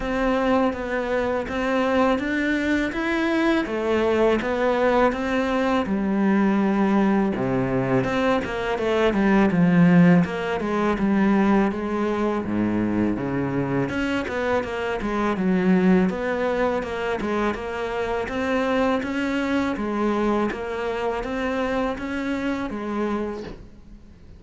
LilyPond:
\new Staff \with { instrumentName = "cello" } { \time 4/4 \tempo 4 = 82 c'4 b4 c'4 d'4 | e'4 a4 b4 c'4 | g2 c4 c'8 ais8 | a8 g8 f4 ais8 gis8 g4 |
gis4 gis,4 cis4 cis'8 b8 | ais8 gis8 fis4 b4 ais8 gis8 | ais4 c'4 cis'4 gis4 | ais4 c'4 cis'4 gis4 | }